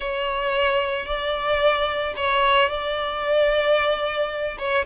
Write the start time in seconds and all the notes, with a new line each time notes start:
0.00 C#5
1.05 D5
2.16 C#5
2.69 D5
4.58 C#5